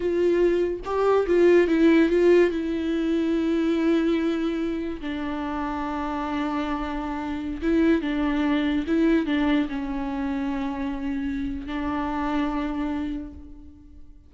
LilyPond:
\new Staff \with { instrumentName = "viola" } { \time 4/4 \tempo 4 = 144 f'2 g'4 f'4 | e'4 f'4 e'2~ | e'1 | d'1~ |
d'2~ d'16 e'4 d'8.~ | d'4~ d'16 e'4 d'4 cis'8.~ | cis'1 | d'1 | }